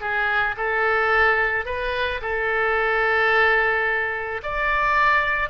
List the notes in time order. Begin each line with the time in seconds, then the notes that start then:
0.00 G#4
0.57 A4
1.65 B4
2.21 A4
4.43 D5